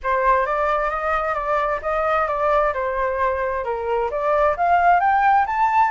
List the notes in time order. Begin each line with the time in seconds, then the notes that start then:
0.03 C5
0.46 D5
0.90 D#5
1.34 D5
1.82 D#5
2.27 D5
2.73 C5
3.64 A#4
4.10 D5
4.56 F5
5.00 G5
5.46 A5